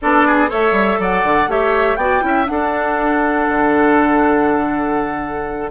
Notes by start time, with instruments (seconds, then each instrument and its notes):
0.01 bassoon B3, clarinet D4, oboe A4, flute D5
0.26 oboe G#4
0.48 bassoon A3, clarinet A4, oboe C#5, flute E5
0.71 bassoon G3
0.99 bassoon F#3, oboe D5, flute F#5
1.23 bassoon D3
1.47 bassoon A3, clarinet G4, oboe C#5, flute E5
1.96 bassoon B3, clarinet F#4, oboe D5, flute G5
2.21 bassoon C#4, clarinet E4
2.27 oboe E5
2.45 clarinet D4, bassoon D4, oboe A4, flute F#5
3.48 bassoon D3